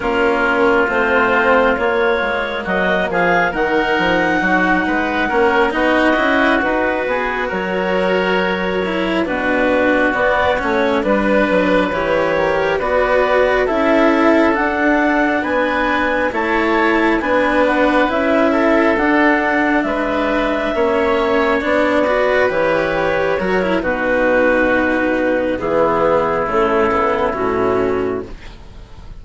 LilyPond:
<<
  \new Staff \with { instrumentName = "clarinet" } { \time 4/4 \tempo 4 = 68 ais'4 c''4 cis''4 dis''8 f''8 | fis''2~ fis''8 dis''4 b'8~ | b'8 cis''2 b'4 d''8 | cis''8 b'4 cis''4 d''4 e''8~ |
e''8 fis''4 gis''4 a''4 gis''8 | fis''8 e''4 fis''4 e''4.~ | e''8 d''4 cis''4. b'4~ | b'4 gis'4 a'4 fis'4 | }
  \new Staff \with { instrumentName = "oboe" } { \time 4/4 f'2. fis'8 gis'8 | ais'4 fis'8 b'8 ais'8 fis'4. | gis'8 ais'2 fis'4.~ | fis'8 b'4. ais'8 b'4 a'8~ |
a'4. b'4 cis''4 b'8~ | b'4 a'4. b'4 cis''8~ | cis''4 b'4. ais'8 fis'4~ | fis'4 e'2. | }
  \new Staff \with { instrumentName = "cello" } { \time 4/4 cis'4 c'4 ais2 | dis'2 cis'8 dis'8 e'8 fis'8~ | fis'2 e'8 d'4 b8 | cis'8 d'4 g'4 fis'4 e'8~ |
e'8 d'2 e'4 d'8~ | d'8 e'4 d'2 cis'8~ | cis'8 d'8 fis'8 g'4 fis'16 e'16 dis'4~ | dis'4 b4 a8 b8 cis'4 | }
  \new Staff \with { instrumentName = "bassoon" } { \time 4/4 ais4 a4 ais8 gis8 fis8 f8 | dis8 f8 fis8 gis8 ais8 b8 cis'8 dis'8 | b8 fis2 b,4 b8 | a8 g8 fis8 e4 b4 cis'8~ |
cis'8 d'4 b4 a4 b8~ | b8 cis'4 d'4 gis4 ais8~ | ais8 b4 e4 fis8 b,4~ | b,4 e4 cis4 a,4 | }
>>